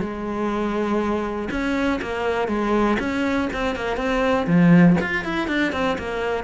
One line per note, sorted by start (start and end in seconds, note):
0.00 1.49 G#3
1.51 2.00 C#4
2.02 2.48 A#3
2.48 2.98 G#3
2.99 3.49 C#4
3.53 3.76 C4
3.76 3.97 A#3
3.97 4.46 C4
4.47 4.97 F3
5.01 5.24 F4
5.24 5.48 E4
5.48 5.72 D4
5.72 5.97 C4
5.98 6.44 A#3